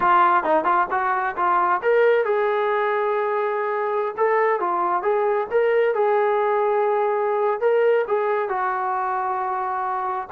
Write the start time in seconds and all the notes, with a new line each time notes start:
0.00 F4
0.43 D#4
0.64 F4
0.90 F#4
1.36 F4
1.82 A#4
2.24 G#4
4.17 A4
4.60 F4
5.02 G#4
5.51 A#4
5.94 G#4
7.60 A#4
8.07 G#4
8.48 F#4